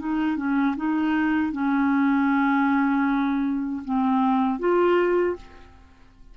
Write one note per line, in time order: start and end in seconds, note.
0.00 0.37 D#4
0.37 0.76 C#4
0.77 1.52 D#4
1.52 3.83 C#4
3.85 4.60 C4
4.60 5.37 F4